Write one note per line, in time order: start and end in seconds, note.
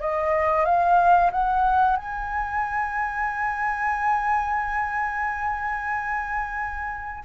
0.00 0.65 D#5
0.65 1.31 F5
1.31 1.96 F#5
1.96 7.23 G#5